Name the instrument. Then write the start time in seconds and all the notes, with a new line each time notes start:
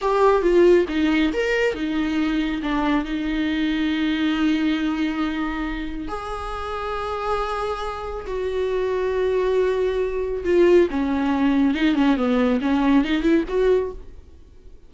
viola
0.01 G4
0.42 F4
0.88 D#4
1.33 A#4
1.74 D#4
2.62 D4
3.05 D#4
6.08 G#4
8.26 F#4
10.44 F4
10.90 C#4
11.74 D#4
11.95 C#4
12.16 B3
12.61 C#4
13.04 D#4
13.22 E4
13.48 F#4